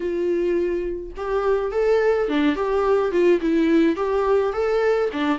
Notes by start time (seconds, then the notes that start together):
0.00 F4
1.16 G4
1.71 A4
2.28 D4
2.55 G4
3.11 F4
3.40 E4
3.96 G4
4.53 A4
5.12 D4